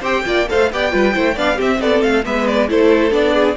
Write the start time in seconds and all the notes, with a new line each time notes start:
0.00 C4 G4 C5 G5
0.25 A#3 F4 D5
0.47 A3 A4 C5 F5
0.72 B3 G4 D5 G5
0.91 G3 F4 B4
1.13 A3 E4 C5
1.34 B3 D4 D5 F5
1.55 C4 G4 E5
1.80 B3 A4 D5
2.02 A3 F5
2.24 G#3 B3 B4 E5
2.47 D5
2.68 A3 E4 A4 C5
3.10 B3 D4 D5
3.34 G#4